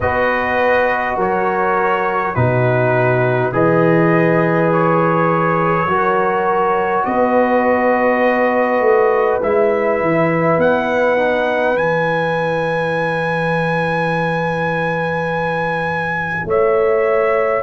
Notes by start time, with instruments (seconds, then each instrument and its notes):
0.00 tuba B3, trombone F#4, horn B4, trumpet D#5
1.16 tuba F#3, horn A#4, trumpet C#5
2.35 tuba B2, trombone D#4, horn F#4, trumpet B4
3.52 tuba E3, trombone G#4, horn B4, trumpet D#5
4.72 trumpet C#5
5.86 tuba F#3, trombone F#4, horn A#4
7.04 tuba B3, horn B4, trumpet D#5
8.80 tuba A3
9.42 tuba G#3, trombone E4, trumpet E5
10.00 tuba E3
10.57 tuba B3, trumpet F#5
11.17 trombone D#4
11.74 tuba E3, trombone E4, trumpet G#5
16.45 tuba A3, horn C#5, trumpet E5